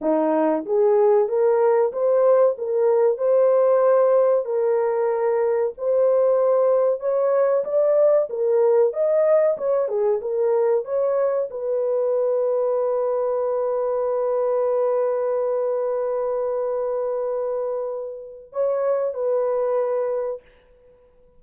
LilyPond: \new Staff \with { instrumentName = "horn" } { \time 4/4 \tempo 4 = 94 dis'4 gis'4 ais'4 c''4 | ais'4 c''2 ais'4~ | ais'4 c''2 cis''4 | d''4 ais'4 dis''4 cis''8 gis'8 |
ais'4 cis''4 b'2~ | b'1~ | b'1~ | b'4 cis''4 b'2 | }